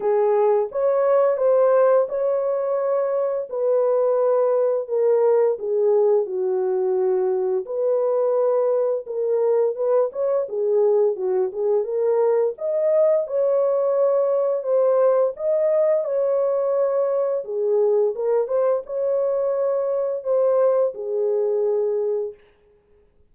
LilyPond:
\new Staff \with { instrumentName = "horn" } { \time 4/4 \tempo 4 = 86 gis'4 cis''4 c''4 cis''4~ | cis''4 b'2 ais'4 | gis'4 fis'2 b'4~ | b'4 ais'4 b'8 cis''8 gis'4 |
fis'8 gis'8 ais'4 dis''4 cis''4~ | cis''4 c''4 dis''4 cis''4~ | cis''4 gis'4 ais'8 c''8 cis''4~ | cis''4 c''4 gis'2 | }